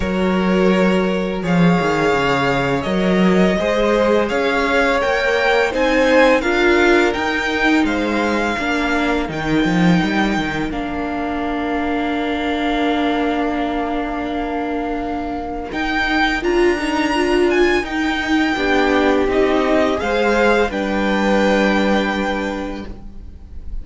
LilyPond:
<<
  \new Staff \with { instrumentName = "violin" } { \time 4/4 \tempo 4 = 84 cis''2 f''2 | dis''2 f''4 g''4 | gis''4 f''4 g''4 f''4~ | f''4 g''2 f''4~ |
f''1~ | f''2 g''4 ais''4~ | ais''8 gis''8 g''2 dis''4 | f''4 g''2. | }
  \new Staff \with { instrumentName = "violin" } { \time 4/4 ais'2 cis''2~ | cis''4 c''4 cis''2 | c''4 ais'2 c''4 | ais'1~ |
ais'1~ | ais'1~ | ais'2 g'2 | c''4 b'2. | }
  \new Staff \with { instrumentName = "viola" } { \time 4/4 fis'2 gis'2 | ais'4 gis'2 ais'4 | dis'4 f'4 dis'2 | d'4 dis'2 d'4~ |
d'1~ | d'2 dis'4 f'8 dis'8 | f'4 dis'4 d'4 dis'4 | gis'4 d'2. | }
  \new Staff \with { instrumentName = "cello" } { \time 4/4 fis2 f8 dis8 cis4 | fis4 gis4 cis'4 ais4 | c'4 d'4 dis'4 gis4 | ais4 dis8 f8 g8 dis8 ais4~ |
ais1~ | ais2 dis'4 d'4~ | d'4 dis'4 b4 c'4 | gis4 g2. | }
>>